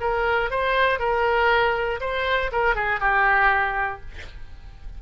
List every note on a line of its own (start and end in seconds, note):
0.00 0.50 A#4
0.50 0.99 C5
0.99 2.00 A#4
2.00 2.50 C5
2.52 2.75 A#4
2.75 3.00 G#4
3.00 4.00 G4